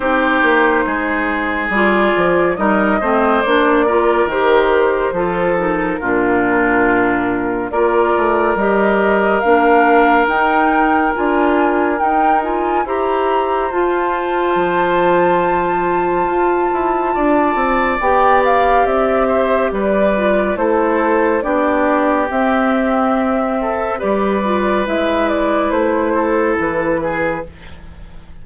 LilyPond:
<<
  \new Staff \with { instrumentName = "flute" } { \time 4/4 \tempo 4 = 70 c''2 d''4 dis''4 | d''4 c''4. ais'4.~ | ais'4 d''4 dis''4 f''4 | g''4 gis''4 g''8 gis''8 ais''4 |
a''1~ | a''4 g''8 f''8 e''4 d''4 | c''4 d''4 e''2 | d''4 e''8 d''8 c''4 b'4 | }
  \new Staff \with { instrumentName = "oboe" } { \time 4/4 g'4 gis'2 ais'8 c''8~ | c''8 ais'4. a'4 f'4~ | f'4 ais'2.~ | ais'2. c''4~ |
c''1 | d''2~ d''8 c''8 b'4 | a'4 g'2~ g'8 a'8 | b'2~ b'8 a'4 gis'8 | }
  \new Staff \with { instrumentName = "clarinet" } { \time 4/4 dis'2 f'4 dis'8 c'8 | d'8 f'8 g'4 f'8 dis'8 d'4~ | d'4 f'4 g'4 d'4 | dis'4 f'4 dis'8 f'8 g'4 |
f'1~ | f'4 g'2~ g'8 f'8 | e'4 d'4 c'2 | g'8 f'8 e'2. | }
  \new Staff \with { instrumentName = "bassoon" } { \time 4/4 c'8 ais8 gis4 g8 f8 g8 a8 | ais4 dis4 f4 ais,4~ | ais,4 ais8 a8 g4 ais4 | dis'4 d'4 dis'4 e'4 |
f'4 f2 f'8 e'8 | d'8 c'8 b4 c'4 g4 | a4 b4 c'2 | g4 gis4 a4 e4 | }
>>